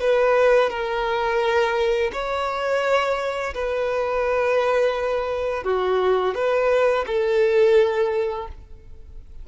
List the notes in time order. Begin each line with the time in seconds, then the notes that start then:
0.00 B4
0.70 A#4
2.12 C#5
3.54 B4
5.64 F#4
6.34 B4
7.07 A4